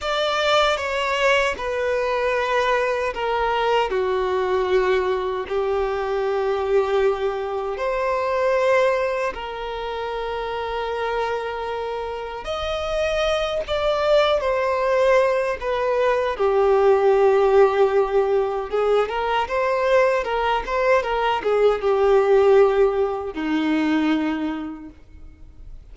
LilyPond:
\new Staff \with { instrumentName = "violin" } { \time 4/4 \tempo 4 = 77 d''4 cis''4 b'2 | ais'4 fis'2 g'4~ | g'2 c''2 | ais'1 |
dis''4. d''4 c''4. | b'4 g'2. | gis'8 ais'8 c''4 ais'8 c''8 ais'8 gis'8 | g'2 dis'2 | }